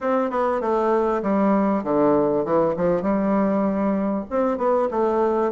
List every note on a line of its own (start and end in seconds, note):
0.01 0.30 C4
0.30 0.60 B3
0.60 1.22 A3
1.22 1.83 G3
1.83 2.44 D3
2.44 2.75 E3
2.76 3.02 F3
3.02 4.24 G3
4.29 4.57 C4
4.57 4.88 B3
4.90 5.52 A3